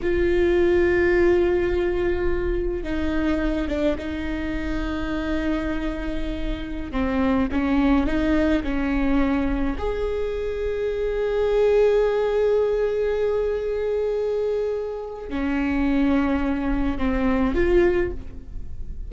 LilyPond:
\new Staff \with { instrumentName = "viola" } { \time 4/4 \tempo 4 = 106 f'1~ | f'4 dis'4. d'8 dis'4~ | dis'1~ | dis'16 c'4 cis'4 dis'4 cis'8.~ |
cis'4~ cis'16 gis'2~ gis'8.~ | gis'1~ | gis'2. cis'4~ | cis'2 c'4 f'4 | }